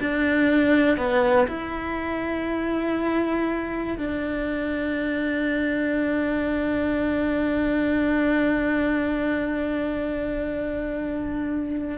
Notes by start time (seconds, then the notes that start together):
0.00 D4
0.97 B3
1.47 E4
3.98 D4